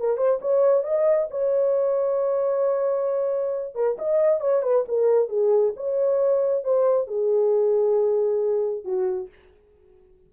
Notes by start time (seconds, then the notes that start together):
0.00 A#4
0.18 C5
0.42 C#5
0.84 D#5
1.31 C#5
3.75 A#4
3.99 D#5
4.41 C#5
4.63 B4
4.88 A#4
5.29 G#4
5.77 C#5
6.64 C5
7.08 G#4
8.85 F#4